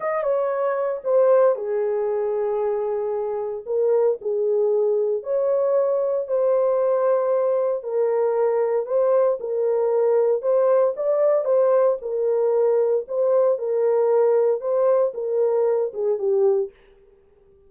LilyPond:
\new Staff \with { instrumentName = "horn" } { \time 4/4 \tempo 4 = 115 dis''8 cis''4. c''4 gis'4~ | gis'2. ais'4 | gis'2 cis''2 | c''2. ais'4~ |
ais'4 c''4 ais'2 | c''4 d''4 c''4 ais'4~ | ais'4 c''4 ais'2 | c''4 ais'4. gis'8 g'4 | }